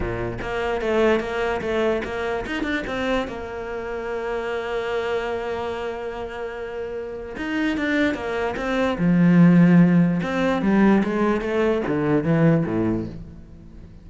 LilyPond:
\new Staff \with { instrumentName = "cello" } { \time 4/4 \tempo 4 = 147 ais,4 ais4 a4 ais4 | a4 ais4 dis'8 d'8 c'4 | ais1~ | ais1~ |
ais2 dis'4 d'4 | ais4 c'4 f2~ | f4 c'4 g4 gis4 | a4 d4 e4 a,4 | }